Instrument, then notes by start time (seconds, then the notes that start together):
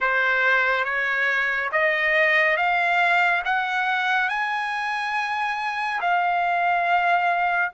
trumpet
0.00 C5
0.84 C#5
1.71 D#5
2.56 F5
3.44 F#5
4.29 G#5
6.00 F5